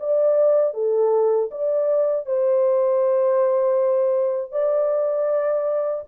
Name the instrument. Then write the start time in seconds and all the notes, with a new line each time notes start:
horn
0.00 D5
0.74 A4
1.51 D5
2.26 C5
4.52 D5